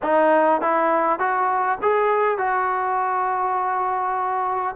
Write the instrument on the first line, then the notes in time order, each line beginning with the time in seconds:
trombone
0.02 D#4
0.61 E4
1.19 F#4
1.82 G#4
2.38 F#4